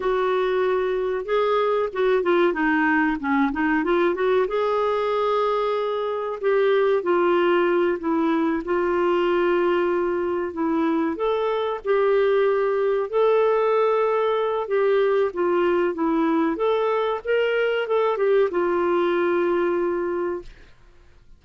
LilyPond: \new Staff \with { instrumentName = "clarinet" } { \time 4/4 \tempo 4 = 94 fis'2 gis'4 fis'8 f'8 | dis'4 cis'8 dis'8 f'8 fis'8 gis'4~ | gis'2 g'4 f'4~ | f'8 e'4 f'2~ f'8~ |
f'8 e'4 a'4 g'4.~ | g'8 a'2~ a'8 g'4 | f'4 e'4 a'4 ais'4 | a'8 g'8 f'2. | }